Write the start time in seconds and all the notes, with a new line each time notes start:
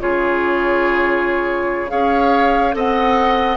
0.00 C#3 F4 G#4 C#5
1.89 C#4 G#4 C#5 F5
2.72 C4 A4 D#5 F#5